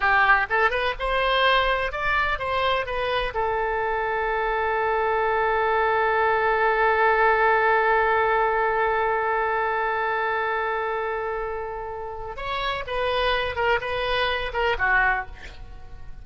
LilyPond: \new Staff \with { instrumentName = "oboe" } { \time 4/4 \tempo 4 = 126 g'4 a'8 b'8 c''2 | d''4 c''4 b'4 a'4~ | a'1~ | a'1~ |
a'1~ | a'1~ | a'2 cis''4 b'4~ | b'8 ais'8 b'4. ais'8 fis'4 | }